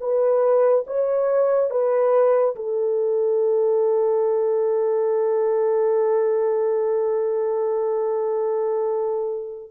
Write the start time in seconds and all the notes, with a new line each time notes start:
0.00 B4
0.86 C#5
1.70 B4
2.55 A4